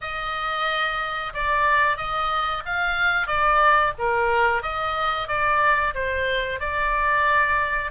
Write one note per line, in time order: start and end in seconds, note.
0.01 1.33 D#5
1.33 1.97 D5
1.97 2.63 D#5
2.65 3.27 F5
3.27 3.93 D5
3.98 4.62 A#4
4.62 5.27 D#5
5.27 5.93 D5
5.94 6.60 C5
6.60 7.91 D5